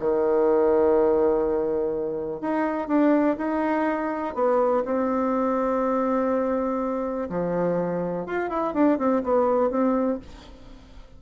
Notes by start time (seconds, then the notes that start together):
0.00 D#3
2.42 D#4
2.88 D4
3.38 D#4
4.35 B3
4.86 C4
7.30 F3
8.27 F4
8.50 E4
8.74 D4
8.99 C4
9.24 B3
9.71 C4